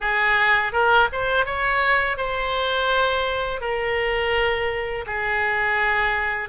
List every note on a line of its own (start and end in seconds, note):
0.00 0.72 G#4
0.72 1.08 A#4
1.12 1.45 C5
1.45 2.17 C#5
2.17 3.60 C5
3.60 5.05 A#4
5.06 6.49 G#4